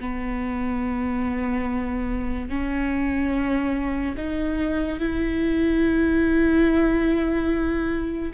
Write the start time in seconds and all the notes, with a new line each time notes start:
0.00 B3
2.49 C#4
4.17 D#4
4.99 E4